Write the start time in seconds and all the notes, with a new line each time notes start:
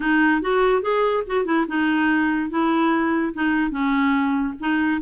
0.00 D#4
0.41 F#4
0.82 G#4
1.26 F#4
1.45 E4
1.68 D#4
2.50 E4
3.33 D#4
3.70 C#4
4.59 D#4